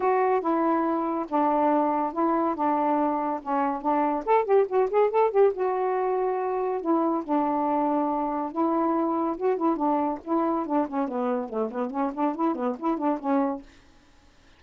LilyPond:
\new Staff \with { instrumentName = "saxophone" } { \time 4/4 \tempo 4 = 141 fis'4 e'2 d'4~ | d'4 e'4 d'2 | cis'4 d'4 a'8 g'8 fis'8 gis'8 | a'8 g'8 fis'2. |
e'4 d'2. | e'2 fis'8 e'8 d'4 | e'4 d'8 cis'8 b4 a8 b8 | cis'8 d'8 e'8 b8 e'8 d'8 cis'4 | }